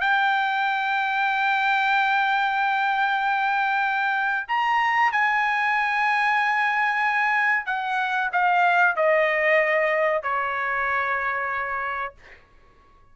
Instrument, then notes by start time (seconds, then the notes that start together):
trumpet
0.00 G5
4.48 A#5
5.12 G#5
7.66 F#5
8.32 F5
8.95 D#5
10.22 C#5